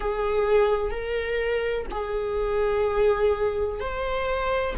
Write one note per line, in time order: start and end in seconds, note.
0.00 0.90 G#4
0.90 1.86 A#4
1.90 3.80 G#4
3.80 4.75 C5